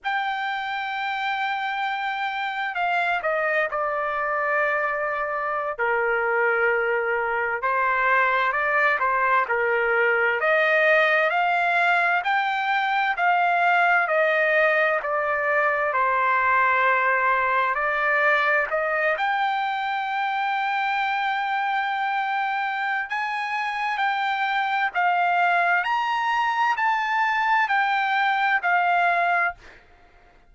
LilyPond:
\new Staff \with { instrumentName = "trumpet" } { \time 4/4 \tempo 4 = 65 g''2. f''8 dis''8 | d''2~ d''16 ais'4.~ ais'16~ | ais'16 c''4 d''8 c''8 ais'4 dis''8.~ | dis''16 f''4 g''4 f''4 dis''8.~ |
dis''16 d''4 c''2 d''8.~ | d''16 dis''8 g''2.~ g''16~ | g''4 gis''4 g''4 f''4 | ais''4 a''4 g''4 f''4 | }